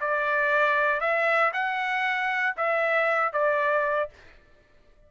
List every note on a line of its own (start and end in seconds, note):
0.00 1.00 D5
1.00 1.51 E5
1.53 2.55 F#5
2.56 3.32 E5
3.32 4.09 D5